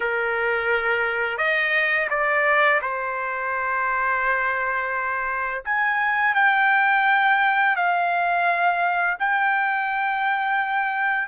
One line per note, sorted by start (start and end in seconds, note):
0.00 1.37 A#4
1.37 2.08 D#5
2.10 2.80 D5
2.81 5.63 C5
5.65 6.34 G#5
6.34 7.76 G5
7.76 9.17 F5
9.19 11.28 G5